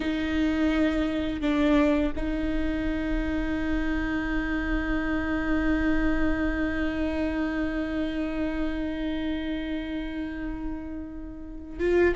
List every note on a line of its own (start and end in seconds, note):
0.00 1.41 D#4
1.41 2.12 D4
2.16 11.79 D#4
11.79 12.15 F4